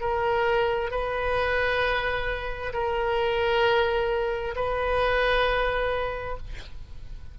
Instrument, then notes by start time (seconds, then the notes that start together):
oboe
0.00 A#4
0.90 B4
2.73 A#4
4.55 B4